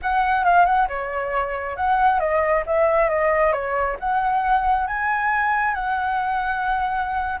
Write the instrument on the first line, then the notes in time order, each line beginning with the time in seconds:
flute
0.02 F#5
0.44 F5
0.65 F#5
0.88 C#5
1.76 F#5
2.19 D#5
2.66 E5
3.09 D#5
3.52 C#5
3.99 F#5
4.87 G#5
5.74 F#5